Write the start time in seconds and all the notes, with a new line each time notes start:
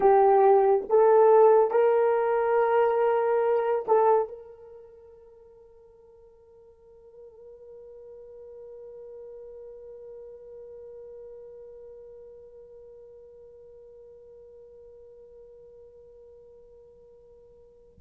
0.00 G4
0.89 A4
1.70 A#4
3.87 A4
4.28 A#4